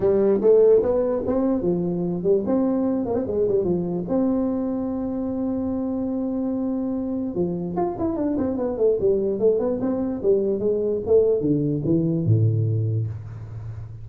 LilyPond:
\new Staff \with { instrumentName = "tuba" } { \time 4/4 \tempo 4 = 147 g4 a4 b4 c'4 | f4. g8 c'4. ais16 c'16 | gis8 g8 f4 c'2~ | c'1~ |
c'2 f4 f'8 e'8 | d'8 c'8 b8 a8 g4 a8 b8 | c'4 g4 gis4 a4 | d4 e4 a,2 | }